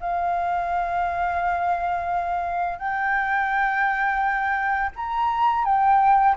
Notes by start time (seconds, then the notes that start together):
0.00 F5
2.79 G5
4.96 A#5
5.65 G5